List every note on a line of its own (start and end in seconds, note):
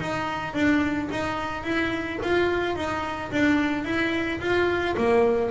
0.00 0.53 D#4
0.53 1.08 D4
1.11 1.63 D#4
1.63 2.18 E4
2.22 2.76 F4
2.76 3.31 D#4
3.31 3.84 D4
3.84 4.39 E4
4.40 4.95 F4
4.97 5.50 A#3